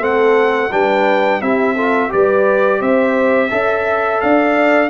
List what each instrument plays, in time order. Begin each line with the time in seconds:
0.00 tuba A3, trombone C4, horn A4, trumpet F#5
0.72 tuba G3, trombone D4, horn B4, trumpet G5
1.41 tuba C4, trombone E4, horn G4, trumpet E5
1.75 trombone F4, horn A4
2.09 tuba G3, trombone G4, horn B4, trumpet D5
2.79 tuba C4, horn C5, trumpet E5
3.50 tuba C#4, trombone A4, horn E5
4.21 tuba D4, horn D5, trumpet F5